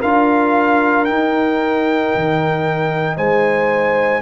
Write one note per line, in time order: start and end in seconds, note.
0.00 1.09 D4
0.00 1.07 F4
0.00 3.16 A#4
0.00 1.05 F5
1.05 4.21 D#4
1.05 2.14 D#4
1.05 3.16 G5
2.15 3.17 D#3
3.17 4.21 G#3
3.17 4.21 C5
3.17 4.21 G#5